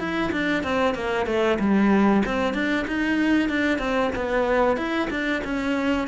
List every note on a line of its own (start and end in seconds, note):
0.00 0.32 E4
0.32 0.64 D4
0.64 0.95 C4
0.95 1.26 A#3
1.26 1.58 A3
1.60 2.23 G3
2.26 2.54 C4
2.54 2.86 D4
2.88 3.49 D#4
3.49 3.79 D4
3.79 4.11 C4
4.16 4.77 B3
4.77 5.09 E4
5.11 5.43 D4
5.44 6.08 C#4